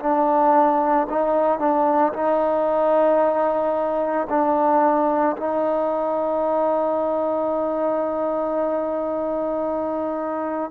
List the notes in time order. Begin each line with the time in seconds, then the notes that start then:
0.00 D4
1.10 D#4
1.59 D4
2.13 D#4
4.29 D4
5.37 D#4